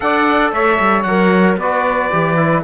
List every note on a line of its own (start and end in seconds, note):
0.00 0.52 D4
0.00 1.05 A4
0.00 0.53 D5
0.00 0.52 F#5
0.52 0.78 A3
0.52 1.57 C#5
0.52 1.02 E5
0.79 1.04 G3
1.02 1.57 F#3
1.02 1.59 A#4
1.02 1.55 F#5
1.57 2.09 B3
1.57 2.11 F#4
1.57 2.62 B4
1.57 2.63 D5
2.11 2.63 E3
2.11 2.36 G4
2.36 2.62 E4